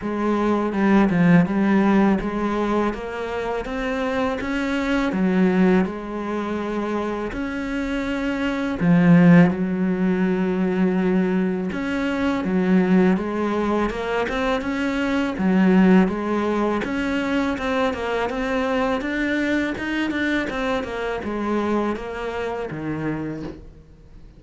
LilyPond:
\new Staff \with { instrumentName = "cello" } { \time 4/4 \tempo 4 = 82 gis4 g8 f8 g4 gis4 | ais4 c'4 cis'4 fis4 | gis2 cis'2 | f4 fis2. |
cis'4 fis4 gis4 ais8 c'8 | cis'4 fis4 gis4 cis'4 | c'8 ais8 c'4 d'4 dis'8 d'8 | c'8 ais8 gis4 ais4 dis4 | }